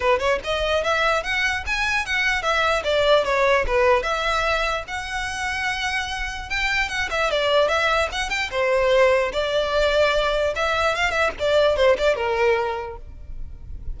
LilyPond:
\new Staff \with { instrumentName = "violin" } { \time 4/4 \tempo 4 = 148 b'8 cis''8 dis''4 e''4 fis''4 | gis''4 fis''4 e''4 d''4 | cis''4 b'4 e''2 | fis''1 |
g''4 fis''8 e''8 d''4 e''4 | fis''8 g''8 c''2 d''4~ | d''2 e''4 f''8 e''8 | d''4 c''8 d''8 ais'2 | }